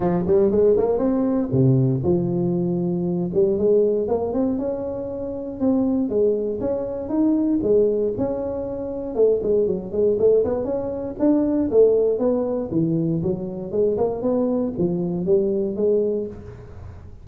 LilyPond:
\new Staff \with { instrumentName = "tuba" } { \time 4/4 \tempo 4 = 118 f8 g8 gis8 ais8 c'4 c4 | f2~ f8 g8 gis4 | ais8 c'8 cis'2 c'4 | gis4 cis'4 dis'4 gis4 |
cis'2 a8 gis8 fis8 gis8 | a8 b8 cis'4 d'4 a4 | b4 e4 fis4 gis8 ais8 | b4 f4 g4 gis4 | }